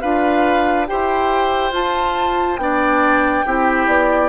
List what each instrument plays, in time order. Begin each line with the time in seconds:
0.00 bassoon D4, clarinet F4, oboe B4, flute F5
0.87 bassoon E4, clarinet G4, oboe C5, flute G5
1.71 bassoon F4, clarinet F4, flute A5
2.56 bassoon B3, clarinet D4, oboe D5, flute G5
3.45 bassoon C4, clarinet E4, oboe G4
3.86 bassoon B3, flute D5